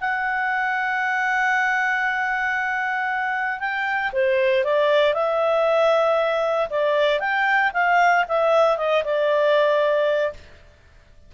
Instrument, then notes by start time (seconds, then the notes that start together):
clarinet
0.00 F#5
3.59 G5
4.12 C5
4.64 D5
5.13 E5
6.70 D5
7.19 G5
7.73 F5
8.28 E5
8.77 D#5
9.04 D5